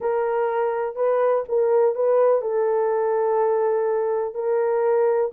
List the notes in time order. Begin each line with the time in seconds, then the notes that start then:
0.00 A#4
0.95 B4
1.48 A#4
1.95 B4
2.41 A4
4.34 A#4